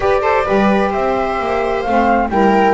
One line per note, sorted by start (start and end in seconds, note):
0.00 0.20 G4
0.00 0.44 G4
0.00 0.22 B4
0.00 0.91 D5
0.20 0.43 A4
0.20 0.45 C5
0.45 0.94 G3
0.45 1.85 G4
0.45 0.89 B4
0.89 1.39 C4
0.89 2.28 C5
0.89 1.81 E5
1.39 1.85 A#3
1.81 2.29 A3
1.81 2.31 C4
1.81 2.28 F5
2.29 2.74 G3
2.29 2.74 E4
2.29 2.74 A#4
2.29 2.74 G5